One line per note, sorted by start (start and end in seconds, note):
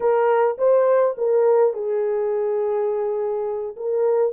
0.00 0.57 A#4
0.58 1.15 C5
1.17 1.73 A#4
1.73 3.75 G#4
3.76 4.32 A#4